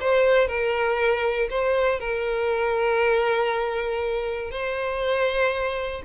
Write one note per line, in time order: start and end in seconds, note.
0.00 0.47 C5
0.47 1.48 A#4
1.49 1.99 C5
1.99 4.51 A#4
4.51 6.02 C5